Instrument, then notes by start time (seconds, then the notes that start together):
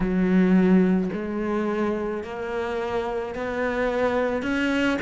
cello
0.00 F#3
1.13 G#3
2.23 A#3
3.34 B3
4.42 C#4